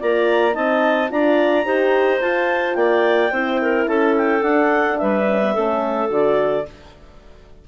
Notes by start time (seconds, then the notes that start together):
0.00 A#3 F4 D5 A#5
0.52 C4 D#4 D#5 A5
1.09 D4 F4 D5 A#5
1.65 D#4 G4 C5
2.21 F4 A5
2.75 A#3 D5 G5
3.31 C4 E4 C5
3.62 A#4
3.87 C#4 A4 A5
4.17 G5
4.42 D4 F#5
4.98 G3 B4 E5
5.27 C#4
5.42 B3
5.54 A3 C#4 A4
6.09 D3 F#4 D5